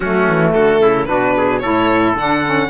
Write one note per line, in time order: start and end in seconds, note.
0.00 0.28 F#3
0.00 1.07 A3
0.00 0.52 C#4
0.00 0.52 F#4
0.28 0.55 E3
0.52 0.80 D3
0.52 0.81 F#4
0.52 1.05 A4
0.80 1.07 C#3
0.80 1.08 E4
1.05 1.63 B2
1.05 1.61 D4
1.05 1.36 F#4
1.05 1.59 B4
1.37 1.62 G#4
1.59 2.14 A2
1.59 2.17 E4
1.59 2.69 A4
1.59 2.13 C#5
2.14 2.68 D3
2.14 2.44 D4
2.14 2.69 F#5
2.44 2.69 C#4